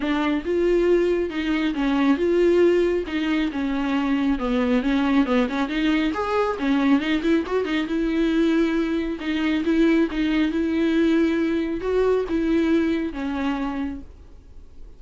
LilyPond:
\new Staff \with { instrumentName = "viola" } { \time 4/4 \tempo 4 = 137 d'4 f'2 dis'4 | cis'4 f'2 dis'4 | cis'2 b4 cis'4 | b8 cis'8 dis'4 gis'4 cis'4 |
dis'8 e'8 fis'8 dis'8 e'2~ | e'4 dis'4 e'4 dis'4 | e'2. fis'4 | e'2 cis'2 | }